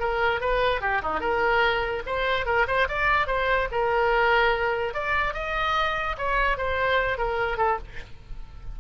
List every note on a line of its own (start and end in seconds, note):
0.00 0.41 A#4
0.41 0.81 B4
0.81 1.02 G4
1.03 1.20 D#4
1.20 2.03 A#4
2.06 2.46 C5
2.46 2.67 A#4
2.67 2.88 C5
2.88 3.27 D5
3.27 3.68 C5
3.72 4.94 A#4
4.94 5.34 D5
5.34 6.16 D#5
6.18 6.58 C#5
6.58 7.18 C5
7.18 7.58 A#4
7.58 7.78 A4